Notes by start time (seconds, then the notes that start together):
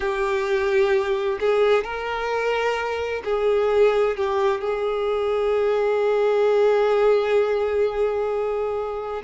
0.00 G4
1.39 G#4
1.83 A#4
3.24 G#4
4.17 G4
4.60 G#4